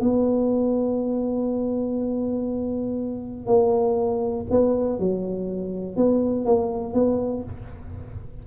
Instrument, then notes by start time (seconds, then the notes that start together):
tuba
0.00 B3
3.46 A#3
4.50 B3
4.99 F#3
5.96 B3
6.45 A#3
6.94 B3